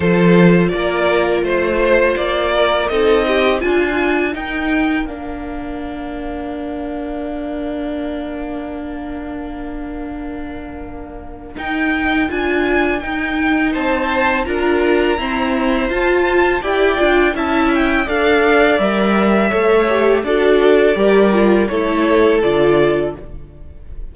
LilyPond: <<
  \new Staff \with { instrumentName = "violin" } { \time 4/4 \tempo 4 = 83 c''4 d''4 c''4 d''4 | dis''4 gis''4 g''4 f''4~ | f''1~ | f''1 |
g''4 gis''4 g''4 a''4 | ais''2 a''4 g''4 | a''8 g''8 f''4 e''2 | d''2 cis''4 d''4 | }
  \new Staff \with { instrumentName = "violin" } { \time 4/4 a'4 ais'4 c''4. ais'8 | a'8 g'8 f'4 ais'2~ | ais'1~ | ais'1~ |
ais'2. c''4 | ais'4 c''2 d''4 | e''4 d''2 cis''4 | a'4 ais'4 a'2 | }
  \new Staff \with { instrumentName = "viola" } { \time 4/4 f'1 | dis'4 f'4 dis'4 d'4~ | d'1~ | d'1 |
dis'4 f'4 dis'2 | f'4 c'4 f'4 g'8 f'8 | e'4 a'4 ais'4 a'8 g'8 | fis'4 g'8 f'8 e'4 f'4 | }
  \new Staff \with { instrumentName = "cello" } { \time 4/4 f4 ais4 a4 ais4 | c'4 d'4 dis'4 ais4~ | ais1~ | ais1 |
dis'4 d'4 dis'4 c'4 | d'4 e'4 f'4 e'8 d'8 | cis'4 d'4 g4 a4 | d'4 g4 a4 d4 | }
>>